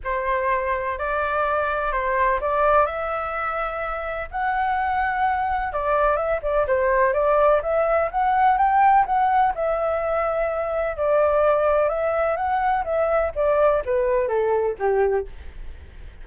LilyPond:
\new Staff \with { instrumentName = "flute" } { \time 4/4 \tempo 4 = 126 c''2 d''2 | c''4 d''4 e''2~ | e''4 fis''2. | d''4 e''8 d''8 c''4 d''4 |
e''4 fis''4 g''4 fis''4 | e''2. d''4~ | d''4 e''4 fis''4 e''4 | d''4 b'4 a'4 g'4 | }